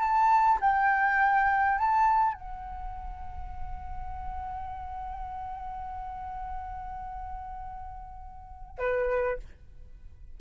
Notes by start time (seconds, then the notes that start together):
0.00 A5
0.60 G5
1.78 A5
2.34 F#5
8.78 B4